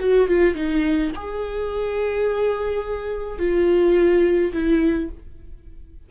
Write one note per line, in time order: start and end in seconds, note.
0.00 0.28 F#4
0.28 0.55 F4
0.55 1.11 D#4
1.16 3.39 G#4
3.39 4.52 F4
4.53 5.09 E4